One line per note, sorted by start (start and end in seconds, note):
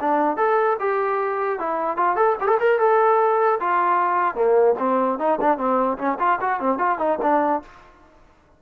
0.00 0.36 D4
0.36 0.76 A4
0.79 1.59 G4
1.59 1.96 E4
1.96 2.15 F4
2.15 2.35 A4
2.40 2.47 G4
2.47 2.57 A4
2.60 2.79 A#4
2.79 3.59 A4
3.59 4.35 F4
4.35 4.75 A#3
4.78 5.18 C4
5.19 5.39 D#4
5.40 5.57 D4
5.57 5.97 C4
5.97 6.17 C#4
6.19 6.39 F4
6.40 6.59 F#4
6.59 6.78 C4
6.78 6.98 F4
6.98 7.18 D#4
7.22 7.62 D4